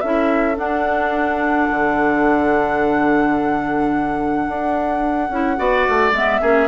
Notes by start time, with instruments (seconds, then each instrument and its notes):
0.00 bassoon C#4, clarinet E4, oboe A4, flute E5
0.55 clarinet D4, bassoon D4, flute F#5
1.70 bassoon D3
4.48 bassoon D4
5.30 bassoon C#4, clarinet E4
5.57 bassoon B3, clarinet F#4, oboe D5
5.89 bassoon A3
6.11 bassoon G#3, clarinet B3, flute E5
6.41 bassoon A#3, clarinet C#4, oboe G#4